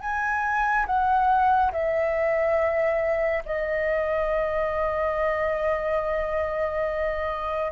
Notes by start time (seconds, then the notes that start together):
0.00 G#5
0.86 F#5
1.72 E5
3.46 D#5